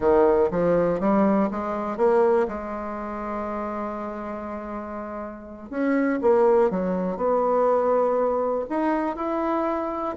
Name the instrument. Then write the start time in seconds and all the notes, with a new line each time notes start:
bassoon
0.00 D#3
0.50 F3
0.99 G3
1.50 G#3
1.97 A#3
2.47 G#3
5.70 C#4
6.21 A#3
6.70 F#3
7.16 B3
8.69 D#4
9.16 E4